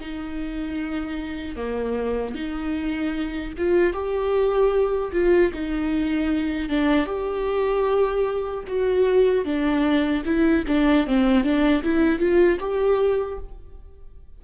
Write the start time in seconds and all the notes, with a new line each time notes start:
0.00 D#4
1.56 A#3
2.34 D#4
3.57 F4
3.93 G4
5.12 F4
5.53 D#4
6.69 D4
7.06 G4
8.67 F#4
9.44 D4
10.25 E4
10.67 D4
11.07 C4
11.43 D4
11.83 E4
12.19 F4
12.59 G4